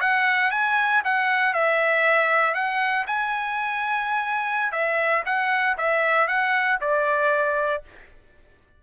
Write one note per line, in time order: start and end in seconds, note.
0.00 0.51 F#5
0.51 1.02 G#5
1.04 1.53 F#5
1.53 2.54 E5
2.54 3.06 F#5
3.06 4.72 G#5
4.72 5.23 E5
5.25 5.76 F#5
5.77 6.27 E5
6.27 6.79 F#5
6.80 7.83 D5